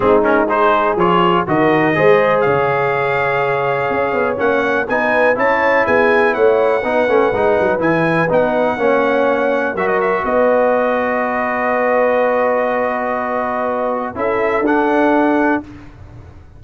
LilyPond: <<
  \new Staff \with { instrumentName = "trumpet" } { \time 4/4 \tempo 4 = 123 gis'8 ais'8 c''4 cis''4 dis''4~ | dis''4 f''2.~ | f''4 fis''4 gis''4 a''4 | gis''4 fis''2. |
gis''4 fis''2. | e''16 dis''16 e''8 dis''2.~ | dis''1~ | dis''4 e''4 fis''2 | }
  \new Staff \with { instrumentName = "horn" } { \time 4/4 dis'4 gis'2 ais'4 | c''4 cis''2.~ | cis''2 b'4 cis''4 | gis'4 cis''4 b'2~ |
b'2 cis''2 | ais'4 b'2.~ | b'1~ | b'4 a'2. | }
  \new Staff \with { instrumentName = "trombone" } { \time 4/4 c'8 cis'8 dis'4 f'4 fis'4 | gis'1~ | gis'4 cis'4 dis'4 e'4~ | e'2 dis'8 cis'8 dis'4 |
e'4 dis'4 cis'2 | fis'1~ | fis'1~ | fis'4 e'4 d'2 | }
  \new Staff \with { instrumentName = "tuba" } { \time 4/4 gis2 f4 dis4 | gis4 cis2. | cis'8 b8 ais4 b4 cis'4 | b4 a4 b8 a8 gis8 fis8 |
e4 b4 ais2 | fis4 b2.~ | b1~ | b4 cis'4 d'2 | }
>>